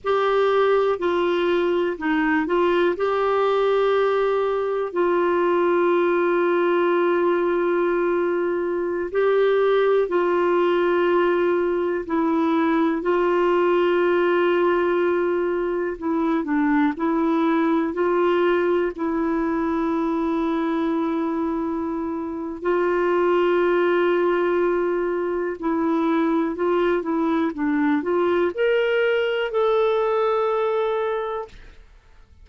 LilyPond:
\new Staff \with { instrumentName = "clarinet" } { \time 4/4 \tempo 4 = 61 g'4 f'4 dis'8 f'8 g'4~ | g'4 f'2.~ | f'4~ f'16 g'4 f'4.~ f'16~ | f'16 e'4 f'2~ f'8.~ |
f'16 e'8 d'8 e'4 f'4 e'8.~ | e'2. f'4~ | f'2 e'4 f'8 e'8 | d'8 f'8 ais'4 a'2 | }